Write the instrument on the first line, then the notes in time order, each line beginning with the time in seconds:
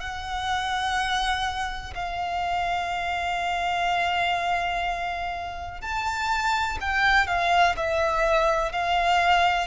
violin
0.00 F#5
1.94 F5
5.82 A5
6.80 G5
7.27 F5
7.76 E5
8.72 F5